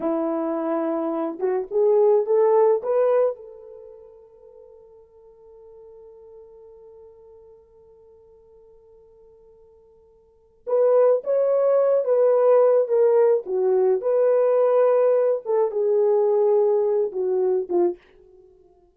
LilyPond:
\new Staff \with { instrumentName = "horn" } { \time 4/4 \tempo 4 = 107 e'2~ e'8 fis'8 gis'4 | a'4 b'4 a'2~ | a'1~ | a'1~ |
a'2. b'4 | cis''4. b'4. ais'4 | fis'4 b'2~ b'8 a'8 | gis'2~ gis'8 fis'4 f'8 | }